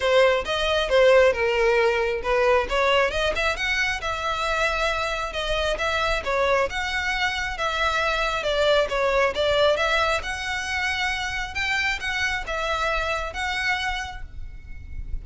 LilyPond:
\new Staff \with { instrumentName = "violin" } { \time 4/4 \tempo 4 = 135 c''4 dis''4 c''4 ais'4~ | ais'4 b'4 cis''4 dis''8 e''8 | fis''4 e''2. | dis''4 e''4 cis''4 fis''4~ |
fis''4 e''2 d''4 | cis''4 d''4 e''4 fis''4~ | fis''2 g''4 fis''4 | e''2 fis''2 | }